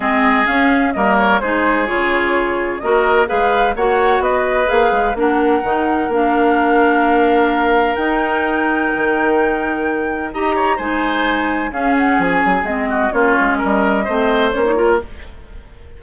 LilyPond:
<<
  \new Staff \with { instrumentName = "flute" } { \time 4/4 \tempo 4 = 128 dis''4 f''4 dis''8 cis''8 c''4 | cis''2 dis''4 f''4 | fis''4 dis''4 f''4 fis''4~ | fis''4 f''2.~ |
f''4 g''2.~ | g''2 ais''4 gis''4~ | gis''4 f''8 fis''8 gis''4 dis''4 | cis''4 dis''2 cis''4 | }
  \new Staff \with { instrumentName = "oboe" } { \time 4/4 gis'2 ais'4 gis'4~ | gis'2 ais'4 b'4 | cis''4 b'2 ais'4~ | ais'1~ |
ais'1~ | ais'2 dis''8 cis''8 c''4~ | c''4 gis'2~ gis'8 fis'8 | f'4 ais'4 c''4. ais'8 | }
  \new Staff \with { instrumentName = "clarinet" } { \time 4/4 c'4 cis'4 ais4 dis'4 | f'2 fis'4 gis'4 | fis'2 gis'4 d'4 | dis'4 d'2.~ |
d'4 dis'2.~ | dis'2 g'4 dis'4~ | dis'4 cis'2 c'4 | cis'2 c'4 cis'16 dis'16 f'8 | }
  \new Staff \with { instrumentName = "bassoon" } { \time 4/4 gis4 cis'4 g4 gis4 | cis2 ais4 gis4 | ais4 b4 ais8 gis8 ais4 | dis4 ais2.~ |
ais4 dis'2 dis4~ | dis2 dis'4 gis4~ | gis4 cis'4 f8 fis8 gis4 | ais8 gis8 g4 a4 ais4 | }
>>